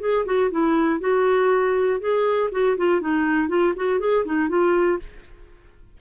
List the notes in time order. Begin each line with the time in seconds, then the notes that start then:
0.00 G#4
0.25 F#4
0.50 E4
1.00 F#4
2.00 G#4
2.52 F#4
2.77 F4
3.01 D#4
3.48 F4
3.76 F#4
4.00 G#4
4.25 D#4
4.49 F4